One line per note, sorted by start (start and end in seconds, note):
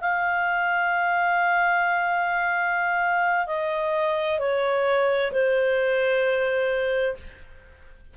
0.00 3.46 F5
3.47 4.38 D#5
4.38 5.31 C#5
5.32 7.16 C5